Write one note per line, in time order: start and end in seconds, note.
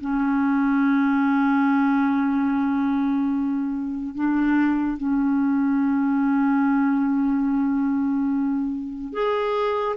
0.00 4.14 C#4
4.14 4.97 D4
4.97 9.12 C#4
9.12 9.96 G#4